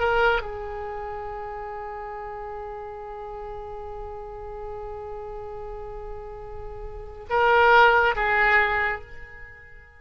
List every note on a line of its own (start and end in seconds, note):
0.00 0.42 A#4
0.42 7.28 G#4
7.30 8.16 A#4
8.16 9.02 G#4